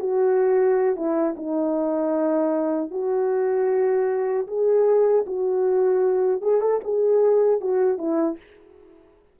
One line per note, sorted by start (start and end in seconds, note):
0.00 0.96 F#4
0.96 1.35 E4
1.37 2.91 D#4
2.91 4.47 F#4
4.47 5.25 G#4
5.27 6.42 F#4
6.42 6.61 G#4
6.61 6.81 A4
6.84 7.61 G#4
7.61 7.98 F#4
7.98 8.37 E4